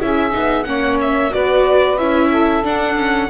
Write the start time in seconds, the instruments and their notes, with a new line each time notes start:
0.00 double bass C#4, viola E4, saxophone G#4, violin E5
0.31 double bass B3, viola D#4
0.64 double bass A#3, viola C#4, saxophone C#5, violin F#5
1.01 violin E5
1.30 double bass B3, viola F#4, saxophone B4, violin D5
1.98 double bass C#4, viola E4, violin E5
2.30 saxophone A4
2.63 viola D4, double bass D4, violin F#5
2.97 viola C#4